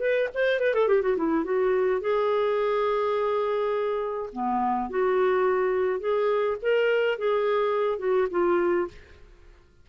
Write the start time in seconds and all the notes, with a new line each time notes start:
0.00 B4
0.34 C5
0.60 B4
0.74 A4
0.88 G4
1.02 F#4
1.17 E4
1.44 F#4
2.01 G#4
4.33 B3
4.90 F#4
6.00 G#4
6.62 A#4
7.18 G#4
7.99 F#4
8.31 F4